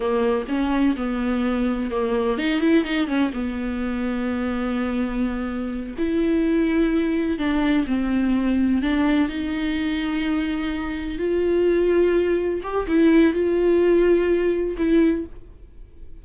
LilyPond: \new Staff \with { instrumentName = "viola" } { \time 4/4 \tempo 4 = 126 ais4 cis'4 b2 | ais4 dis'8 e'8 dis'8 cis'8 b4~ | b1~ | b8 e'2. d'8~ |
d'8 c'2 d'4 dis'8~ | dis'2.~ dis'8 f'8~ | f'2~ f'8 g'8 e'4 | f'2. e'4 | }